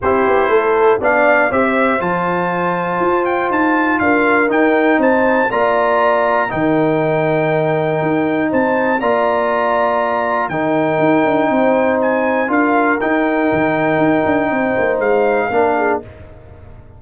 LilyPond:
<<
  \new Staff \with { instrumentName = "trumpet" } { \time 4/4 \tempo 4 = 120 c''2 f''4 e''4 | a''2~ a''8 g''8 a''4 | f''4 g''4 a''4 ais''4~ | ais''4 g''2.~ |
g''4 a''4 ais''2~ | ais''4 g''2. | gis''4 f''4 g''2~ | g''2 f''2 | }
  \new Staff \with { instrumentName = "horn" } { \time 4/4 g'4 a'4 d''4 c''4~ | c''1 | ais'2 c''4 d''4~ | d''4 ais'2.~ |
ais'4 c''4 d''2~ | d''4 ais'2 c''4~ | c''4 ais'2.~ | ais'4 c''2 ais'8 gis'8 | }
  \new Staff \with { instrumentName = "trombone" } { \time 4/4 e'2 d'4 g'4 | f'1~ | f'4 dis'2 f'4~ | f'4 dis'2.~ |
dis'2 f'2~ | f'4 dis'2.~ | dis'4 f'4 dis'2~ | dis'2. d'4 | }
  \new Staff \with { instrumentName = "tuba" } { \time 4/4 c'8 b8 a4 b4 c'4 | f2 f'4 dis'4 | d'4 dis'4 c'4 ais4~ | ais4 dis2. |
dis'4 c'4 ais2~ | ais4 dis4 dis'8 d'8 c'4~ | c'4 d'4 dis'4 dis4 | dis'8 d'8 c'8 ais8 gis4 ais4 | }
>>